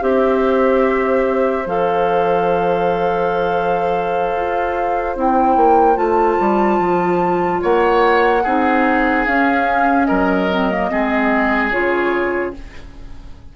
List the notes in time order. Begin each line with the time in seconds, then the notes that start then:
0.00 C4 G4 C5 E5
1.66 F3 A4 F5
4.36 F4
5.16 C4 E4 G5
5.56 A#3
5.95 A3 F4 A5
6.39 G3
6.79 F3
7.62 A#3 C#5 F#5
8.43 C4 D#4 G#4
9.26 C#4 F5
10.05 F#3 A#4 D#5
10.50 C4
10.71 A#3
10.90 G#3 C4 G#4
11.71 C#3 F4 C#5